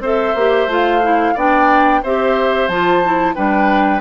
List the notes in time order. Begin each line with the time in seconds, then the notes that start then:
0.00 C4 A4 C5 E5
0.35 A#3 G4
0.67 A3 F4 F5
1.02 E4
1.34 B3 D4 D5 G5
2.03 C4 G4 C5 E5
2.68 F3 F4 A5
3.04 E4
3.35 G3 D4 B4 G5